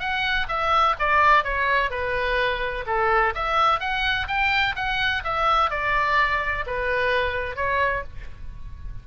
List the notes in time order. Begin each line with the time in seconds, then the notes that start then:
0.00 F#5
0.49 E5
0.99 D5
1.44 C#5
1.91 B4
2.87 A4
3.35 E5
3.80 F#5
4.28 G5
4.76 F#5
5.24 E5
5.71 D5
6.67 B4
7.57 C#5